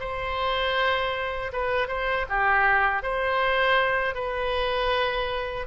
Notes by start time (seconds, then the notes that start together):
0.00 C5
1.53 B4
1.88 C5
2.29 G4
3.03 C5
4.15 B4